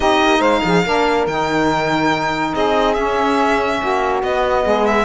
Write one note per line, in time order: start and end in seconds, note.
0.00 0.21 C4
0.00 0.84 D#4
0.00 0.39 G4
0.00 0.41 D#5
0.22 0.39 A#3
0.39 0.61 G#3
0.39 0.60 C5
0.39 1.25 F5
0.64 0.85 F3
0.64 0.85 G#4
0.85 1.26 A#3
0.85 1.28 D4
0.85 2.54 A#4
1.26 2.53 D#3
1.26 2.94 D#4
1.26 2.54 G5
2.54 2.97 C4
2.54 3.79 G#4
2.54 2.94 D#5
2.94 4.21 C#4
2.94 3.81 C#4
2.94 4.20 E5
3.79 4.23 A#3
3.79 4.64 F#4
4.23 4.65 B3
4.23 5.04 B3
4.23 4.86 D#5
4.64 5.04 G#3
4.64 5.04 G#4
4.86 5.04 E5